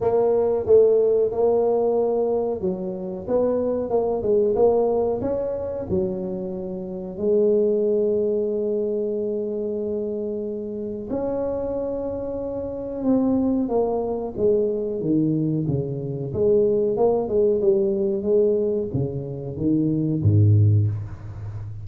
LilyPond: \new Staff \with { instrumentName = "tuba" } { \time 4/4 \tempo 4 = 92 ais4 a4 ais2 | fis4 b4 ais8 gis8 ais4 | cis'4 fis2 gis4~ | gis1~ |
gis4 cis'2. | c'4 ais4 gis4 dis4 | cis4 gis4 ais8 gis8 g4 | gis4 cis4 dis4 gis,4 | }